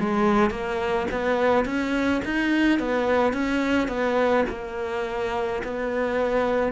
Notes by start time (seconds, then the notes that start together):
0.00 G#3
0.51 A#3
1.12 B3
1.66 C#4
2.25 D#4
2.79 B3
3.33 C#4
3.89 B3
4.50 A#3
5.64 B3